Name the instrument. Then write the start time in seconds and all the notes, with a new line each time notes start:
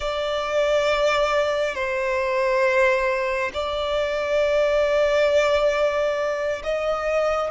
violin
0.00 D5
1.74 C5
3.53 D5
6.63 D#5